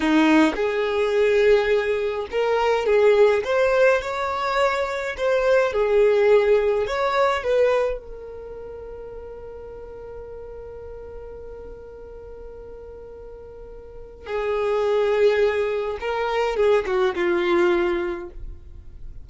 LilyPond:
\new Staff \with { instrumentName = "violin" } { \time 4/4 \tempo 4 = 105 dis'4 gis'2. | ais'4 gis'4 c''4 cis''4~ | cis''4 c''4 gis'2 | cis''4 b'4 ais'2~ |
ais'1~ | ais'1~ | ais'4 gis'2. | ais'4 gis'8 fis'8 f'2 | }